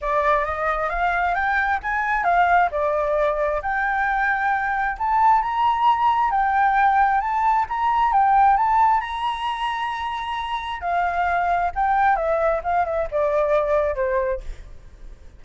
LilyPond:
\new Staff \with { instrumentName = "flute" } { \time 4/4 \tempo 4 = 133 d''4 dis''4 f''4 g''4 | gis''4 f''4 d''2 | g''2. a''4 | ais''2 g''2 |
a''4 ais''4 g''4 a''4 | ais''1 | f''2 g''4 e''4 | f''8 e''8 d''2 c''4 | }